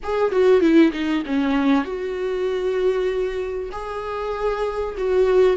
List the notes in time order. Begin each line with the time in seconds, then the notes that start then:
0.03 G#4
0.31 F#4
0.60 E4
0.92 D#4
1.26 C#4
1.84 F#4
3.71 G#4
4.97 F#4